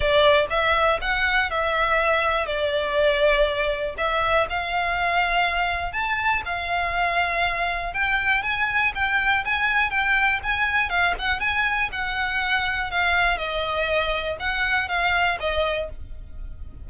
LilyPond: \new Staff \with { instrumentName = "violin" } { \time 4/4 \tempo 4 = 121 d''4 e''4 fis''4 e''4~ | e''4 d''2. | e''4 f''2. | a''4 f''2. |
g''4 gis''4 g''4 gis''4 | g''4 gis''4 f''8 fis''8 gis''4 | fis''2 f''4 dis''4~ | dis''4 fis''4 f''4 dis''4 | }